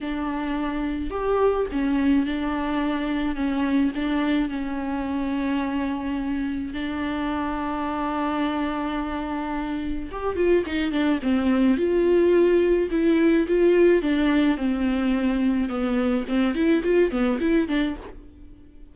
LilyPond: \new Staff \with { instrumentName = "viola" } { \time 4/4 \tempo 4 = 107 d'2 g'4 cis'4 | d'2 cis'4 d'4 | cis'1 | d'1~ |
d'2 g'8 f'8 dis'8 d'8 | c'4 f'2 e'4 | f'4 d'4 c'2 | b4 c'8 e'8 f'8 b8 e'8 d'8 | }